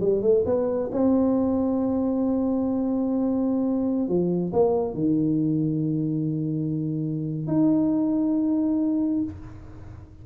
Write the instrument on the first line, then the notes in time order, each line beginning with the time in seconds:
tuba
0.00 G3
0.22 A3
0.46 B3
0.92 C4
4.08 F3
4.53 A#3
4.94 D#3
7.47 D#4